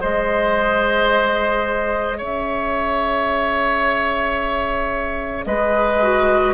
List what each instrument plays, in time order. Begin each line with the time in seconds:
0.00 bassoon G#3, clarinet G#4, oboe C5, flute D#5
2.17 bassoon C#4, oboe C#5, flute E5
5.45 bassoon G#3, oboe B4, flute D#5
6.01 clarinet F#4